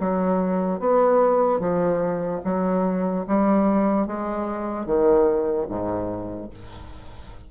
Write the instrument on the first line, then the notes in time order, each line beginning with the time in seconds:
bassoon
0.00 F#3
0.80 B3
1.60 F3
2.45 F#3
3.28 G3
4.07 G#3
4.86 D#3
5.69 G#2